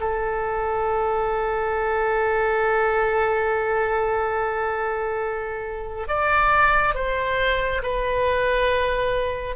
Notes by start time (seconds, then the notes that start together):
0.00 A4
6.08 D5
6.95 C5
7.83 B4